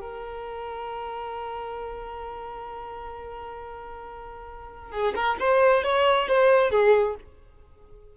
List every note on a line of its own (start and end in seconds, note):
0.00 4.91 A#4
4.91 5.14 G#4
5.15 5.37 A#4
5.39 5.83 C5
5.83 6.28 C#5
6.28 6.71 C5
6.71 7.16 G#4